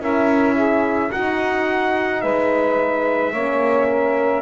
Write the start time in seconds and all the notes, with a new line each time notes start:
0.00 C#4 E4 A#4 E5
0.55 G#4
1.12 D#4 F#4 F#5
2.22 G#3 B4 E5
3.32 A#3 C#4 C#5
3.88 A#4